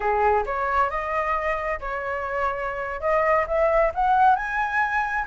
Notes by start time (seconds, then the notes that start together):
0.00 G#4
0.45 C#5
0.90 D#5
1.80 C#5
3.00 D#5
3.47 E5
3.94 F#5
4.35 G#5